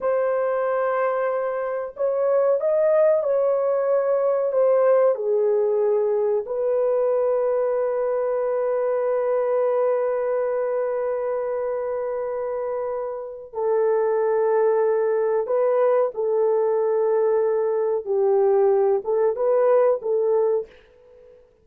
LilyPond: \new Staff \with { instrumentName = "horn" } { \time 4/4 \tempo 4 = 93 c''2. cis''4 | dis''4 cis''2 c''4 | gis'2 b'2~ | b'1~ |
b'1~ | b'4 a'2. | b'4 a'2. | g'4. a'8 b'4 a'4 | }